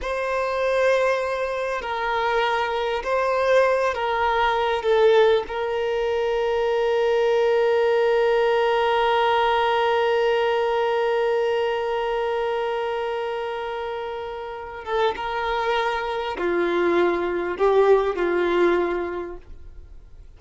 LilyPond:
\new Staff \with { instrumentName = "violin" } { \time 4/4 \tempo 4 = 99 c''2. ais'4~ | ais'4 c''4. ais'4. | a'4 ais'2.~ | ais'1~ |
ais'1~ | ais'1~ | ais'8 a'8 ais'2 f'4~ | f'4 g'4 f'2 | }